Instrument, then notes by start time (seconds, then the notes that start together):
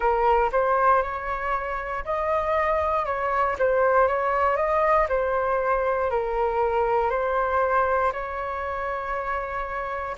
flute
0.00 A#4
0.51 C5
1.02 C#5
2.04 D#5
3.05 C#5
3.58 C5
4.07 C#5
4.56 D#5
5.08 C5
6.10 A#4
7.10 C5
8.12 C#5